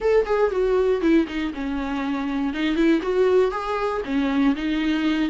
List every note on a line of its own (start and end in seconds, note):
0.00 0.25 A4
0.25 0.50 G#4
0.50 1.01 F#4
1.01 1.26 E4
1.27 1.52 D#4
1.54 2.53 C#4
2.53 2.75 D#4
2.75 3.00 E4
3.02 3.51 F#4
3.51 4.01 G#4
4.05 4.55 C#4
4.55 5.29 D#4